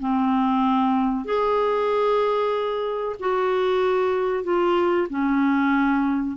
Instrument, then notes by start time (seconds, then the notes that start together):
clarinet
0.00 C4
1.24 G#4
3.19 F#4
4.43 F4
5.09 C#4